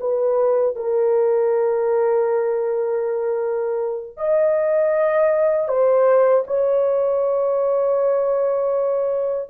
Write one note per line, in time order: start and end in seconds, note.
0.00 0.75 B4
0.75 4.17 A#4
4.17 5.68 D#5
5.68 6.44 C5
6.47 9.49 C#5